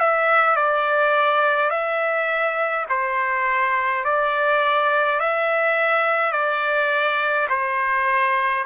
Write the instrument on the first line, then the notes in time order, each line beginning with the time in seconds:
trumpet
0.00 E5
0.57 D5
1.70 E5
2.90 C5
4.05 D5
5.20 E5
6.33 D5
7.49 C5